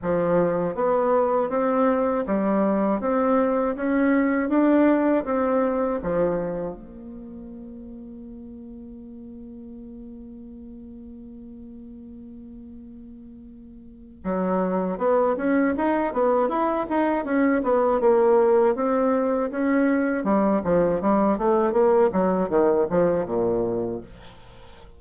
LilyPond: \new Staff \with { instrumentName = "bassoon" } { \time 4/4 \tempo 4 = 80 f4 b4 c'4 g4 | c'4 cis'4 d'4 c'4 | f4 ais2.~ | ais1~ |
ais2. fis4 | b8 cis'8 dis'8 b8 e'8 dis'8 cis'8 b8 | ais4 c'4 cis'4 g8 f8 | g8 a8 ais8 fis8 dis8 f8 ais,4 | }